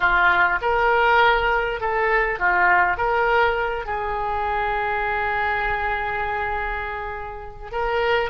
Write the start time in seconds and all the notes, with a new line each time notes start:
0.00 F4
0.61 A#4
1.80 A4
2.39 F4
2.97 A#4
3.85 G#4
7.71 A#4